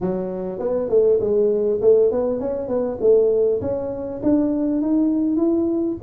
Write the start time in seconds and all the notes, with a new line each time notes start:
0.01 F#3
0.59 B3
0.89 A3
1.20 G#3
1.81 A3
2.11 B3
2.39 C#4
2.68 B3
3.01 A3
3.61 C#4
4.22 D4
4.81 D#4
5.36 E4